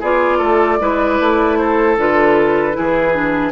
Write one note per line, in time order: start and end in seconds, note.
0.00 0.40 B3
0.00 0.80 F4
0.00 0.38 G#4
0.00 1.57 D5
0.38 0.79 A3
0.38 0.77 A4
0.80 1.19 G#3
0.80 1.97 E4
0.80 1.58 B4
1.19 1.97 A3
1.57 2.77 A4
1.57 1.96 C5
1.97 2.75 D3
1.97 2.72 F4
1.97 3.52 B4
2.72 3.52 E3
2.72 3.11 E4
2.72 3.52 G#4
3.13 3.52 D4